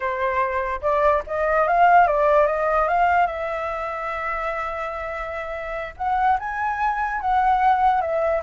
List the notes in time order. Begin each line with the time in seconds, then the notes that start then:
0.00 C5
0.81 D5
1.26 D#5
1.67 F5
2.07 D5
2.46 D#5
2.88 F5
3.27 E5
5.96 F#5
6.39 G#5
7.20 F#5
8.01 E5